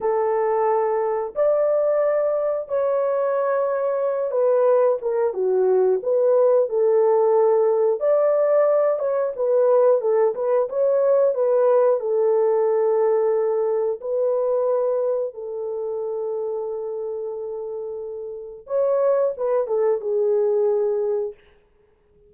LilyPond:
\new Staff \with { instrumentName = "horn" } { \time 4/4 \tempo 4 = 90 a'2 d''2 | cis''2~ cis''8 b'4 ais'8 | fis'4 b'4 a'2 | d''4. cis''8 b'4 a'8 b'8 |
cis''4 b'4 a'2~ | a'4 b'2 a'4~ | a'1 | cis''4 b'8 a'8 gis'2 | }